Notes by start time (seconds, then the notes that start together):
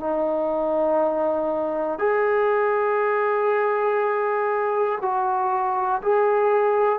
0.00 D#4
1.99 G#4
5.01 F#4
6.02 G#4